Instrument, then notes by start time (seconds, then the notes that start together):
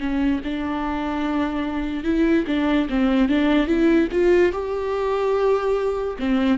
viola
0.00 C#4
0.44 D4
2.04 E4
2.47 D4
2.89 C4
3.29 D4
3.67 E4
4.12 F4
4.52 G4
6.19 C4